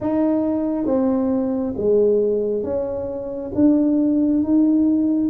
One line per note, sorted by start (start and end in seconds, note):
0.00 0.85 D#4
0.85 1.74 C4
1.76 2.63 G#3
2.63 3.51 C#4
3.55 4.43 D4
4.43 5.30 D#4